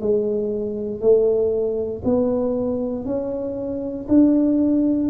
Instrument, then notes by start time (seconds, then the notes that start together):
tuba
0.00 G#3
1.00 A3
2.04 B3
3.05 C#4
4.08 D4